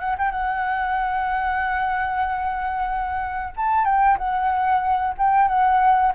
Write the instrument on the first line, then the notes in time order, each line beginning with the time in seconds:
flute
0.00 F#5
0.18 G5
0.32 F#5
3.57 A5
3.85 G5
4.18 F#5
5.18 G5
5.49 F#5